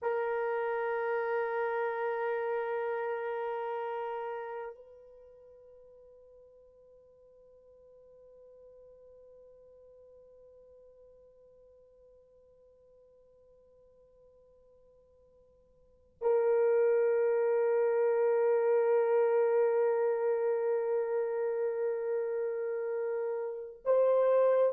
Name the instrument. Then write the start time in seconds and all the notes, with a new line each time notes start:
horn
0.02 A#4
4.74 B4
16.21 A#4
23.84 C5